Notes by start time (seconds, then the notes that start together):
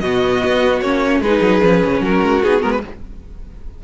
0.00 B2 B3 F#4 D#5
0.45 B3
0.80 A#3 C#4 C#5
1.20 G#3 D#4 G#4 B4
1.41 F#3
1.62 F3 C#4
1.85 C#3
2.01 F#3 F#4 A#4
2.22 G#3
2.43 B3 D#4 G#4
2.60 G#3 B3 A#4
2.71 B4